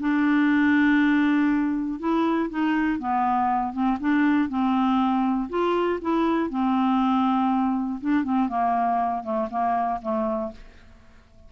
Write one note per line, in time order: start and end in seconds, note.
0.00 2.00 D4
2.00 2.50 E4
2.50 2.99 D#4
2.99 3.73 B3
3.73 3.98 C4
4.00 4.49 D4
4.49 5.49 C4
5.50 6.00 F4
6.02 6.50 E4
6.50 8.00 C4
8.01 8.24 D4
8.24 8.49 C4
8.49 9.24 A#3
9.24 9.49 A3
9.50 10.00 A#3
10.02 10.52 A3